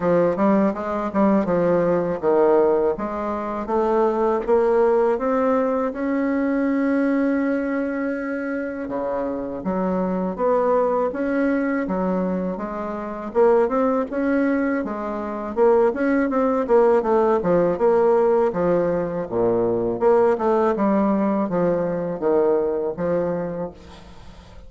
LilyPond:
\new Staff \with { instrumentName = "bassoon" } { \time 4/4 \tempo 4 = 81 f8 g8 gis8 g8 f4 dis4 | gis4 a4 ais4 c'4 | cis'1 | cis4 fis4 b4 cis'4 |
fis4 gis4 ais8 c'8 cis'4 | gis4 ais8 cis'8 c'8 ais8 a8 f8 | ais4 f4 ais,4 ais8 a8 | g4 f4 dis4 f4 | }